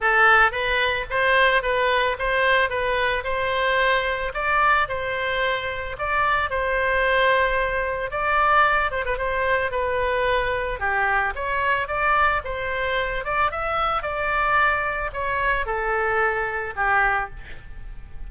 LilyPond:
\new Staff \with { instrumentName = "oboe" } { \time 4/4 \tempo 4 = 111 a'4 b'4 c''4 b'4 | c''4 b'4 c''2 | d''4 c''2 d''4 | c''2. d''4~ |
d''8 c''16 b'16 c''4 b'2 | g'4 cis''4 d''4 c''4~ | c''8 d''8 e''4 d''2 | cis''4 a'2 g'4 | }